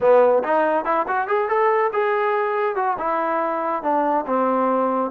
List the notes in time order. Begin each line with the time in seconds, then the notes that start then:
0.00 B3
0.43 D#4
0.84 E4
1.07 F#4
1.27 G#4
1.48 A4
1.92 G#4
2.75 F#4
2.98 E4
3.82 D4
4.26 C4